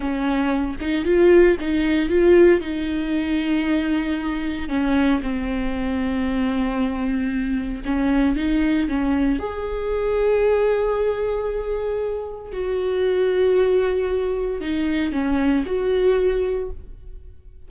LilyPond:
\new Staff \with { instrumentName = "viola" } { \time 4/4 \tempo 4 = 115 cis'4. dis'8 f'4 dis'4 | f'4 dis'2.~ | dis'4 cis'4 c'2~ | c'2. cis'4 |
dis'4 cis'4 gis'2~ | gis'1 | fis'1 | dis'4 cis'4 fis'2 | }